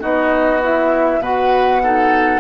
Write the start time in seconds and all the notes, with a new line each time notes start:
0.00 B3 D#4 F#4 D#5
0.62 E4 E5
1.19 B2 F#4 B4 F#5
1.83 D#4 A4